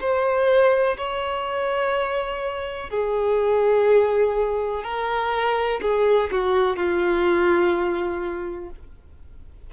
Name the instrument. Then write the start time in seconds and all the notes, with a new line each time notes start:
violin
0.00 C5
0.97 C#5
2.90 G#4
4.83 A#4
5.81 G#4
6.31 F#4
6.76 F4